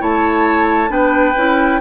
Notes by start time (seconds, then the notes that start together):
0.00 A3 E4 C#5 A5
0.89 B3 D4 B4 G5
1.37 C#4 E4